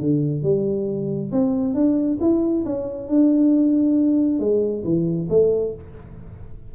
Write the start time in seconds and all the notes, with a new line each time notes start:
0.00 D3
0.43 G3
1.32 C4
1.74 D4
2.21 E4
2.66 C#4
3.08 D4
4.40 G#3
4.84 E3
5.30 A3